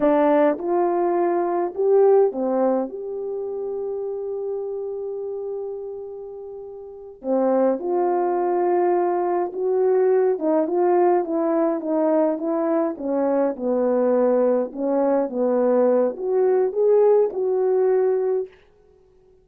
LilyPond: \new Staff \with { instrumentName = "horn" } { \time 4/4 \tempo 4 = 104 d'4 f'2 g'4 | c'4 g'2.~ | g'1~ | g'8 c'4 f'2~ f'8~ |
f'8 fis'4. dis'8 f'4 e'8~ | e'8 dis'4 e'4 cis'4 b8~ | b4. cis'4 b4. | fis'4 gis'4 fis'2 | }